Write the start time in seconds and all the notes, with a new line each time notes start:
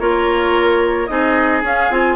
0.00 A#3 F4 A#4 C#5
1.07 C4 D#4 G#4 D#5
1.63 C#4 F5
1.90 C4 F4 G#5